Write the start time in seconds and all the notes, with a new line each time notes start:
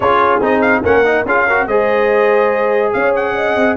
0.00 C#4 F4 G#4 C#5
0.41 C4 D#4 D#5
0.61 F5
0.82 A#3 C#4 A#4 F#5
1.05 D#4
1.25 C#4 F4 G#4 F5
1.46 F#4 A#4
1.66 G#3 G#4 C5 D#5
2.93 C#4 C#5 F5
3.15 F#5
3.35 D#5
3.55 C4